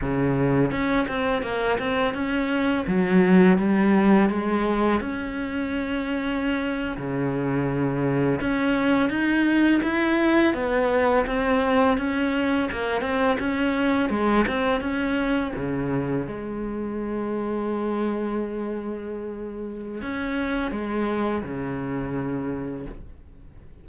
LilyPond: \new Staff \with { instrumentName = "cello" } { \time 4/4 \tempo 4 = 84 cis4 cis'8 c'8 ais8 c'8 cis'4 | fis4 g4 gis4 cis'4~ | cis'4.~ cis'16 cis2 cis'16~ | cis'8. dis'4 e'4 b4 c'16~ |
c'8. cis'4 ais8 c'8 cis'4 gis16~ | gis16 c'8 cis'4 cis4 gis4~ gis16~ | gis1 | cis'4 gis4 cis2 | }